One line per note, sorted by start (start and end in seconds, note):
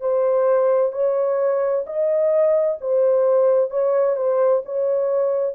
0.00 0.92 C5
0.92 1.84 C#5
1.86 2.78 D#5
2.80 3.70 C5
3.70 4.16 C#5
4.16 4.62 C5
4.65 5.55 C#5